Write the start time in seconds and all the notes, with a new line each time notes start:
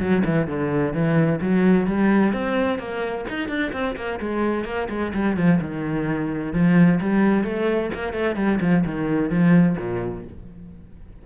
0.00 F#3
0.25 E3
0.47 D3
0.94 E3
1.41 F#3
1.87 G3
2.33 C4
2.79 A#3
3.30 D#4
3.49 D4
3.73 C4
3.97 A#3
4.20 G#3
4.65 A#3
4.90 G#3
5.14 G3
5.37 F3
5.61 D#3
6.53 F3
7.01 G3
7.44 A3
7.95 A#3
8.14 A3
8.36 G3
8.61 F3
8.86 D#3
9.30 F3
9.78 A#2